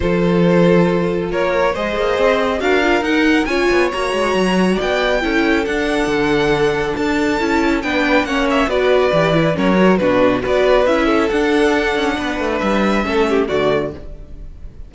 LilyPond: <<
  \new Staff \with { instrumentName = "violin" } { \time 4/4 \tempo 4 = 138 c''2. cis''4 | dis''2 f''4 fis''4 | gis''4 ais''2 g''4~ | g''4 fis''2. |
a''2 g''4 fis''8 e''8 | d''2 cis''4 b'4 | d''4 e''4 fis''2~ | fis''4 e''2 d''4 | }
  \new Staff \with { instrumentName = "violin" } { \time 4/4 a'2. ais'4 | c''2 ais'2 | cis''2. d''4 | a'1~ |
a'2 b'4 cis''4 | b'2 ais'4 fis'4 | b'4. a'2~ a'8 | b'2 a'8 g'8 fis'4 | }
  \new Staff \with { instrumentName = "viola" } { \time 4/4 f'1 | gis'2 fis'8 f'8 dis'4 | f'4 fis'2. | e'4 d'2.~ |
d'4 e'4 d'4 cis'4 | fis'4 g'8 e'8 cis'8 fis'8 d'4 | fis'4 e'4 d'2~ | d'2 cis'4 a4 | }
  \new Staff \with { instrumentName = "cello" } { \time 4/4 f2. ais4 | gis8 ais8 c'4 d'4 dis'4 | cis'8 b8 ais8 gis8 fis4 b4 | cis'4 d'4 d2 |
d'4 cis'4 b4 ais4 | b4 e4 fis4 b,4 | b4 cis'4 d'4. cis'8 | b8 a8 g4 a4 d4 | }
>>